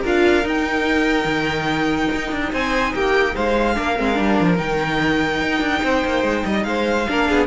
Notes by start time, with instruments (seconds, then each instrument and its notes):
0.00 cello D4, viola F4, violin A#4 F5
0.42 viola D#4, cello D#4, violin G5
1.24 cello D#3
2.14 cello D#4
2.31 cello D4
2.52 cello C4, violin C5 G#5
2.94 cello A#3, violin G4 G5
3.34 cello G#3, violin C5 F5
3.74 cello A#3, viola D4, violin A#4
3.97 cello G#3, viola C4
4.14 cello G3, viola D4
4.40 cello F3
4.57 cello D#3, viola D#4, violin G5
5.41 cello D#4
5.60 cello D4
5.83 cello C4, violin C5
6.05 cello A#3
6.23 cello G#3
6.45 cello G3, violin D#5
6.63 cello G#3, violin C5 F5
7.08 cello A#3, viola D4, violin A#4
7.29 cello B3, violin G#4